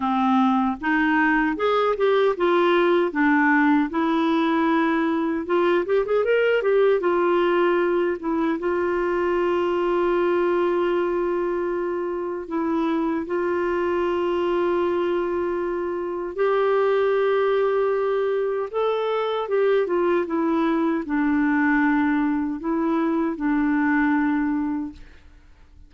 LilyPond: \new Staff \with { instrumentName = "clarinet" } { \time 4/4 \tempo 4 = 77 c'4 dis'4 gis'8 g'8 f'4 | d'4 e'2 f'8 g'16 gis'16 | ais'8 g'8 f'4. e'8 f'4~ | f'1 |
e'4 f'2.~ | f'4 g'2. | a'4 g'8 f'8 e'4 d'4~ | d'4 e'4 d'2 | }